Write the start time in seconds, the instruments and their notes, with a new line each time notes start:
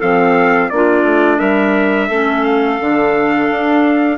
0.00 bassoon F3, clarinet C4 A4, trumpet F5
0.70 bassoon A#3, clarinet D4 F4, trumpet D5
1.03 bassoon A3
1.38 bassoon G3, clarinet A#4, trumpet E5
2.08 bassoon A3, clarinet C#4 A4
2.44 trumpet F5
2.80 bassoon D3, clarinet D4
3.51 bassoon D4